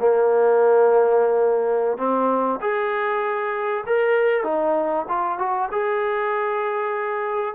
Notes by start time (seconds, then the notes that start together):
0.00 A#3
1.98 C4
2.61 G#4
3.87 A#4
4.44 D#4
5.09 F4
5.39 F#4
5.72 G#4